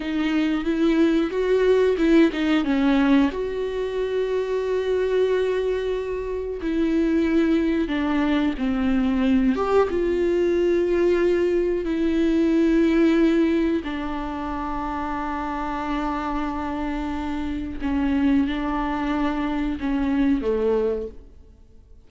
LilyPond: \new Staff \with { instrumentName = "viola" } { \time 4/4 \tempo 4 = 91 dis'4 e'4 fis'4 e'8 dis'8 | cis'4 fis'2.~ | fis'2 e'2 | d'4 c'4. g'8 f'4~ |
f'2 e'2~ | e'4 d'2.~ | d'2. cis'4 | d'2 cis'4 a4 | }